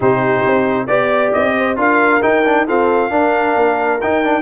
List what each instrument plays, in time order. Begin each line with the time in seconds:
0.00 tuba C3, trombone D#4, horn G4, trumpet C5
0.46 tuba C4
0.86 tuba B3, trombone G4, trumpet D5, horn D5
1.32 tuba C4, trumpet D#5
1.57 horn C5
1.76 tuba D4, trombone F4, horn A#4, trumpet F5
2.22 trombone D#4, tuba D#4, trumpet G5
2.44 trombone D4
2.66 trombone C4, tuba F4, horn A4, trumpet F5
3.09 trombone D4, tuba D4, horn A#4
3.55 tuba A#3
4.01 trombone D#4, tuba D#4, trumpet G5
4.24 trombone D4